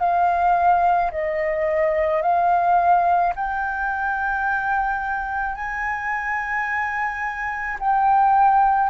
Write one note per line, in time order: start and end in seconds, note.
0.00 1.11 F5
1.12 2.23 D#5
2.23 3.34 F5
3.36 5.56 G5
5.56 7.78 G#5
7.80 8.90 G5